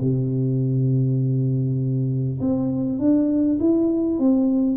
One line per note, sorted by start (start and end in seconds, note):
0.00 2.40 C3
2.41 2.99 C4
2.99 3.59 D4
3.59 4.19 E4
4.19 4.77 C4